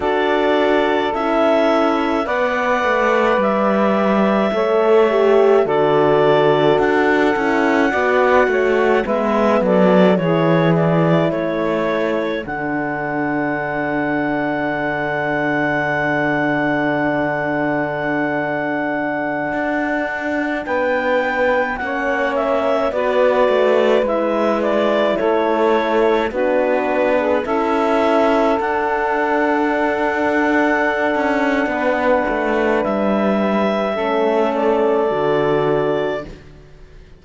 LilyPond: <<
  \new Staff \with { instrumentName = "clarinet" } { \time 4/4 \tempo 4 = 53 d''4 e''4 fis''4 e''4~ | e''4 d''4 fis''2 | e''8 d''8 cis''8 d''8 cis''4 fis''4~ | fis''1~ |
fis''2~ fis''16 g''4 fis''8 e''16~ | e''16 d''4 e''8 d''8 cis''4 b'8.~ | b'16 e''4 fis''2~ fis''8.~ | fis''4 e''4. d''4. | }
  \new Staff \with { instrumentName = "saxophone" } { \time 4/4 a'2 d''2 | cis''4 a'2 d''8 cis''8 | b'8 a'8 gis'4 a'2~ | a'1~ |
a'2~ a'16 b'4 cis''8.~ | cis''16 b'2 a'4 fis'8. | gis'16 a'2.~ a'8. | b'2 a'2 | }
  \new Staff \with { instrumentName = "horn" } { \time 4/4 fis'4 e'4 b'2 | a'8 g'8 fis'4. e'8 fis'4 | b4 e'2 d'4~ | d'1~ |
d'2.~ d'16 cis'8.~ | cis'16 fis'4 e'2 d'8.~ | d'16 e'4 d'2~ d'8.~ | d'2 cis'4 fis'4 | }
  \new Staff \with { instrumentName = "cello" } { \time 4/4 d'4 cis'4 b8 a8 g4 | a4 d4 d'8 cis'8 b8 a8 | gis8 fis8 e4 a4 d4~ | d1~ |
d4~ d16 d'4 b4 ais8.~ | ais16 b8 a8 gis4 a4 b8.~ | b16 cis'4 d'2~ d'16 cis'8 | b8 a8 g4 a4 d4 | }
>>